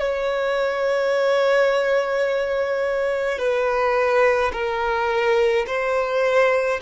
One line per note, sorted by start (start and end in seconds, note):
0.00 3.39 C#5
3.39 4.52 B4
4.53 5.66 A#4
5.67 6.80 C5